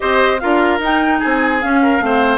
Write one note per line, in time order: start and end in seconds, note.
0.00 0.42 C4
0.00 0.40 G4
0.00 0.41 C5
0.00 0.39 D#5
0.39 0.79 D4
0.39 0.80 F4
0.39 1.19 A#4
0.39 0.79 F5
0.79 1.19 D#4
0.79 1.61 D#4
0.79 1.20 G5
1.19 1.63 C4
1.19 1.79 G#4
1.19 1.60 G#5
1.61 1.99 C#4
1.61 2.38 F5
1.82 2.02 A#4
1.99 2.38 A3
1.99 2.38 C4
1.99 2.38 C5